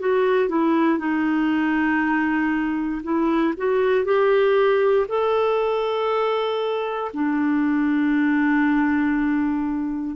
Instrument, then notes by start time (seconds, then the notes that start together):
clarinet
0.00 F#4
0.49 E4
0.98 D#4
3.04 E4
3.57 F#4
4.05 G4
5.08 A4
7.14 D4